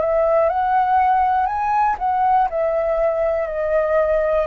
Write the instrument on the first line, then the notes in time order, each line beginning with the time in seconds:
flute
0.00 E5
0.49 F#5
1.46 G#5
1.98 F#5
2.50 E5
3.47 D#5